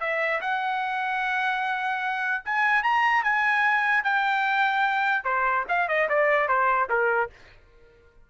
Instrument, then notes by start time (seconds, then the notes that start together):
trumpet
0.00 E5
0.41 F#5
2.45 G#5
2.83 A#5
3.23 G#5
4.04 G5
5.24 C5
5.68 F5
5.88 D#5
6.09 D5
6.48 C5
6.89 A#4